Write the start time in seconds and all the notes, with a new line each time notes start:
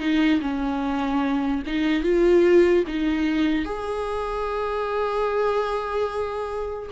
0.00 D#4
0.41 C#4
1.67 D#4
2.03 F4
2.87 D#4
3.65 G#4